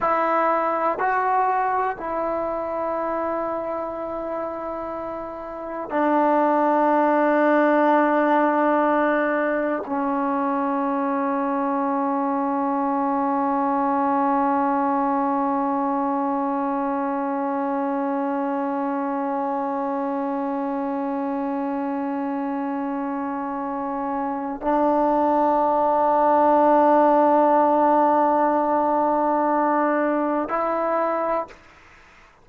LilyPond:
\new Staff \with { instrumentName = "trombone" } { \time 4/4 \tempo 4 = 61 e'4 fis'4 e'2~ | e'2 d'2~ | d'2 cis'2~ | cis'1~ |
cis'1~ | cis'1~ | cis'4 d'2.~ | d'2. e'4 | }